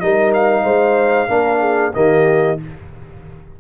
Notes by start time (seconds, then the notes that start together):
0.00 G3 D#4 A#4 D#5
0.34 F5
0.63 G#3 C5
1.28 A#3 D4 A#4
1.60 G#4
1.93 D#3 A#3 G4 D#5